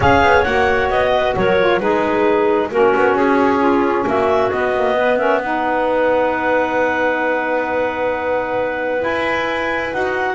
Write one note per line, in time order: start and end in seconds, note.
0.00 0.22 C#4
0.00 0.45 G#4
0.00 1.12 C#5
0.00 0.43 F5
0.22 0.44 B3
0.43 0.89 A#3
0.43 1.57 F#4
0.43 0.88 F#5
0.89 1.35 B3
0.89 1.35 D#5
1.13 1.35 B4
1.36 1.79 F#3
1.36 1.82 A#4
1.36 1.79 C#5
1.58 1.79 F4
1.79 2.70 G#3
1.79 2.70 D#4
1.79 2.71 G#4
1.79 2.70 B4
2.70 2.93 A#3
2.70 4.50 C#4
2.70 3.59 F#4
2.70 3.15 A#4
2.96 3.14 B3
3.14 4.04 C#4
3.14 4.06 G#4
3.59 4.04 F4
4.06 4.52 A#3
4.06 4.95 F#4
4.06 4.50 E5
4.50 4.73 B3
4.50 9.03 B3
4.50 5.18 D#5
4.75 4.97 A#3
4.95 5.18 B3
4.95 5.17 B4
5.18 5.41 C#4
5.18 5.39 A#4
5.18 5.40 E5
5.39 8.97 D#4
5.39 10.35 B4
5.39 9.02 F#5
8.97 9.88 E4
8.97 9.93 G#5
9.04 9.93 E4
9.92 10.35 D#4
9.92 10.35 F#4
9.92 10.35 F#5